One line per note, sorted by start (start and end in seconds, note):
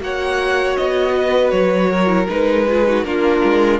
0.00 0.77 A#3
0.00 2.07 F#4
0.00 1.16 C#5
0.00 0.77 F#5
0.77 1.52 B3
0.77 1.50 D#5
1.16 1.90 B4
1.50 2.28 F#3
1.50 2.26 C#5
1.90 2.66 A#4
2.07 2.26 E4
2.29 3.04 G#3
2.29 2.67 D#4
2.29 3.04 B4
2.68 2.86 F4
2.68 2.88 G#4
2.86 3.05 D#4
2.86 3.07 F#4
3.04 3.42 A#3
3.04 3.80 D4
3.04 3.80 F4
3.04 3.80 A#4
3.44 3.80 G#3